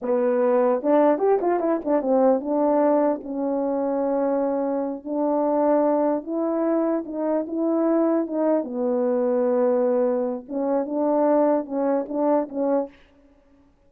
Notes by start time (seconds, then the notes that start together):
0.01 B3
0.82 D4
1.18 G4
1.41 F4
1.59 E4
1.84 D4
2.01 C4
2.40 D4
3.23 C#4
5.04 D4
6.23 E4
7.05 D#4
7.47 E4
8.27 D#4
8.64 B3
10.48 C#4
10.85 D4
11.65 C#4
12.08 D4
12.48 C#4